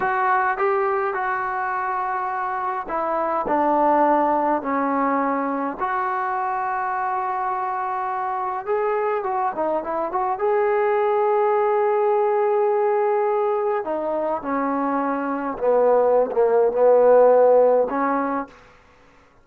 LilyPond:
\new Staff \with { instrumentName = "trombone" } { \time 4/4 \tempo 4 = 104 fis'4 g'4 fis'2~ | fis'4 e'4 d'2 | cis'2 fis'2~ | fis'2. gis'4 |
fis'8 dis'8 e'8 fis'8 gis'2~ | gis'1 | dis'4 cis'2 b4~ | b16 ais8. b2 cis'4 | }